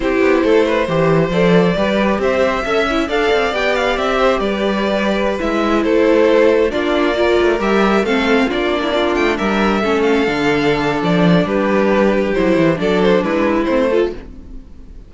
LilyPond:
<<
  \new Staff \with { instrumentName = "violin" } { \time 4/4 \tempo 4 = 136 c''2. d''4~ | d''4 e''2 f''4 | g''8 f''8 e''4 d''2~ | d''16 e''4 c''2 d''8.~ |
d''4~ d''16 e''4 f''4 d''8.~ | d''8. g''8 e''4. f''4~ f''16~ | f''4 d''4 b'2 | c''4 d''8 c''8 b'4 c''4 | }
  \new Staff \with { instrumentName = "violin" } { \time 4/4 g'4 a'8 b'8 c''2 | b'4 c''4 e''4 d''4~ | d''4. c''8 b'2~ | b'4~ b'16 a'2 f'8.~ |
f'16 ais'2 a'4 f'8. | e'16 f'4 ais'4 a'4.~ a'16~ | a'2 g'2~ | g'4 a'4 e'4. a'8 | }
  \new Staff \with { instrumentName = "viola" } { \time 4/4 e'2 g'4 a'4 | g'2 a'8 e'8 a'4 | g'1~ | g'16 e'2. d'8.~ |
d'16 f'4 g'4 c'4 d'8.~ | d'2~ d'16 cis'4 d'8.~ | d'1 | e'4 d'2 c'8 f'8 | }
  \new Staff \with { instrumentName = "cello" } { \time 4/4 c'8 b8 a4 e4 f4 | g4 c'4 cis'4 d'8 c'8 | b4 c'4 g2~ | g16 gis4 a2 ais8.~ |
ais8. a8 g4 a4 ais8.~ | ais8. a8 g4 a4 d8.~ | d4 f4 g2 | fis8 e8 fis4 gis4 a4 | }
>>